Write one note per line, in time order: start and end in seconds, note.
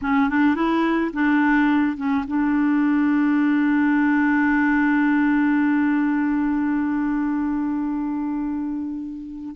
0.01 0.29 C#4
0.29 0.55 D4
0.55 1.11 E4
1.13 1.96 D4
1.96 2.24 C#4
2.27 9.55 D4